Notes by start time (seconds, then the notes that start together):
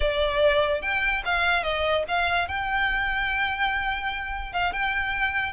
0.00 D5
0.81 G5
1.25 F5
1.63 D#5
2.08 F5
2.48 G5
4.52 F5
4.72 G5